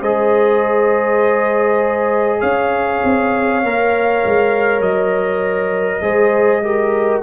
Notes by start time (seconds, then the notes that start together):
0.00 G#3 G#4 C5 D#5
2.40 C#4 C#5 F5
3.04 C4
3.63 A#3 A#4
4.25 G#3
4.80 F#3 D#5
6.01 G#3 G#4 C5
6.63 G4 A#4